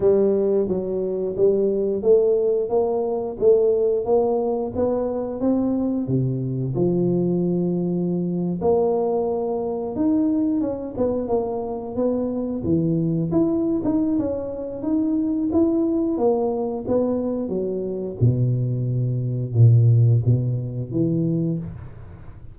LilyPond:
\new Staff \with { instrumentName = "tuba" } { \time 4/4 \tempo 4 = 89 g4 fis4 g4 a4 | ais4 a4 ais4 b4 | c'4 c4 f2~ | f8. ais2 dis'4 cis'16~ |
cis'16 b8 ais4 b4 e4 e'16~ | e'8 dis'8 cis'4 dis'4 e'4 | ais4 b4 fis4 b,4~ | b,4 ais,4 b,4 e4 | }